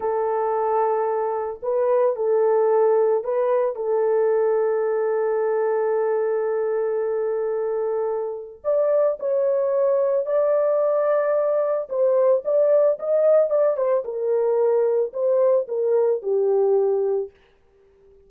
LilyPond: \new Staff \with { instrumentName = "horn" } { \time 4/4 \tempo 4 = 111 a'2. b'4 | a'2 b'4 a'4~ | a'1~ | a'1 |
d''4 cis''2 d''4~ | d''2 c''4 d''4 | dis''4 d''8 c''8 ais'2 | c''4 ais'4 g'2 | }